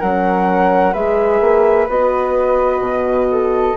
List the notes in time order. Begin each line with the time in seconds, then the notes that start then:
0.00 F#3 C#4 A#4 F#5
0.92 G#3 G#4 B4 E5
1.40 A#3
1.89 B3 F#4 D#5
2.79 B2
3.31 A4